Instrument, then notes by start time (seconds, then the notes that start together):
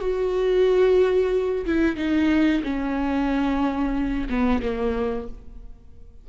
viola
0.00 F#4
1.65 E4
1.96 D#4
2.63 C#4
4.29 B3
4.62 A#3